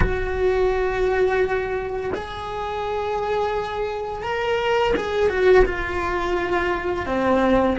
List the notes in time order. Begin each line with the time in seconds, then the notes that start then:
0.00 F#4
2.14 G#4
4.23 A#4
4.96 G#4
5.29 F#4
5.65 F4
7.06 C4